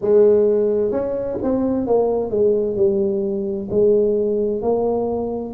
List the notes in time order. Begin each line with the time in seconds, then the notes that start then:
0.01 G#3
0.91 C#4
1.42 C4
1.86 A#3
2.30 G#3
2.76 G3
3.70 G#3
4.62 A#3